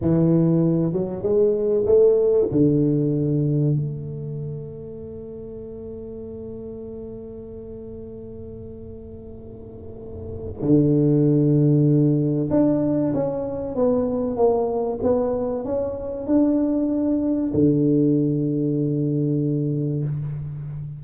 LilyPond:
\new Staff \with { instrumentName = "tuba" } { \time 4/4 \tempo 4 = 96 e4. fis8 gis4 a4 | d2 a2~ | a1~ | a1~ |
a4 d2. | d'4 cis'4 b4 ais4 | b4 cis'4 d'2 | d1 | }